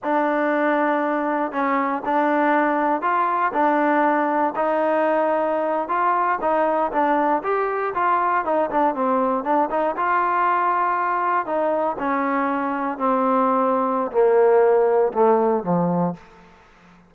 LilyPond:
\new Staff \with { instrumentName = "trombone" } { \time 4/4 \tempo 4 = 119 d'2. cis'4 | d'2 f'4 d'4~ | d'4 dis'2~ dis'8. f'16~ | f'8. dis'4 d'4 g'4 f'16~ |
f'8. dis'8 d'8 c'4 d'8 dis'8 f'16~ | f'2~ f'8. dis'4 cis'16~ | cis'4.~ cis'16 c'2~ c'16 | ais2 a4 f4 | }